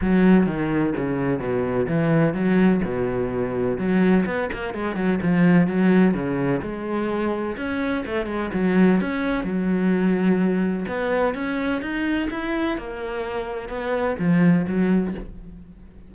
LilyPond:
\new Staff \with { instrumentName = "cello" } { \time 4/4 \tempo 4 = 127 fis4 dis4 cis4 b,4 | e4 fis4 b,2 | fis4 b8 ais8 gis8 fis8 f4 | fis4 cis4 gis2 |
cis'4 a8 gis8 fis4 cis'4 | fis2. b4 | cis'4 dis'4 e'4 ais4~ | ais4 b4 f4 fis4 | }